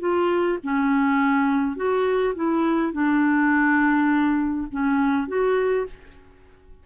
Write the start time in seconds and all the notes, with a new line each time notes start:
0.00 F4
0.63 C#4
1.76 F#4
2.35 E4
2.93 D4
4.71 C#4
5.28 F#4